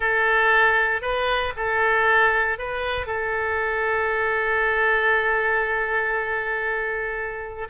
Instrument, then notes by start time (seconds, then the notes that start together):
oboe
0.00 A4
1.01 B4
1.56 A4
2.58 B4
3.06 A4